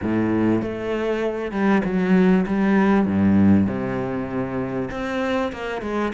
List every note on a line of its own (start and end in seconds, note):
0.02 0.62 A2
0.62 1.51 A3
1.51 1.82 G3
1.84 2.45 F#3
2.46 3.06 G3
3.06 3.67 G2
3.67 4.89 C3
4.90 5.52 C4
5.52 5.81 A#3
5.81 6.12 G#3